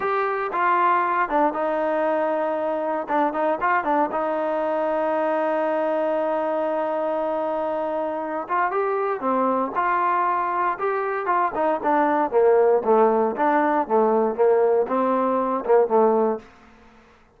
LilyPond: \new Staff \with { instrumentName = "trombone" } { \time 4/4 \tempo 4 = 117 g'4 f'4. d'8 dis'4~ | dis'2 d'8 dis'8 f'8 d'8 | dis'1~ | dis'1~ |
dis'8 f'8 g'4 c'4 f'4~ | f'4 g'4 f'8 dis'8 d'4 | ais4 a4 d'4 a4 | ais4 c'4. ais8 a4 | }